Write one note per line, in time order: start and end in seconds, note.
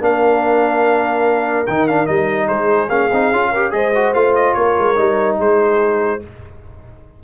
0.00 1.66 A#3
0.00 1.66 D4
0.00 2.48 A#4
0.00 1.67 F5
1.67 2.08 D#3
1.67 1.89 D#4
1.67 1.87 G5
1.87 2.06 D4
1.87 2.06 F5
2.06 2.49 G3
2.06 2.89 D#4
2.06 2.47 D#5
2.48 2.89 G#3
2.48 3.51 G#4
2.48 2.89 C5
2.89 3.10 A#3
2.89 3.10 C#4
2.89 3.72 F5
3.12 3.32 C4
3.12 3.33 D#4
3.32 3.73 C#4
3.32 3.54 F4
3.51 3.70 G4
3.51 3.71 A#4
3.70 4.14 G#3
3.70 3.91 G#4
3.70 4.57 C5
3.70 4.13 D#5
3.95 4.14 F#4
4.14 4.55 A3
4.14 4.96 F4
4.14 4.34 F5
4.35 4.53 D#5
4.53 4.77 A#3
4.53 5.38 A#4
4.53 5.36 C#5
4.78 4.98 G#3
4.96 5.39 G3
4.96 6.20 D#4
5.38 6.22 G#3
5.38 6.21 G#4
5.38 6.23 C5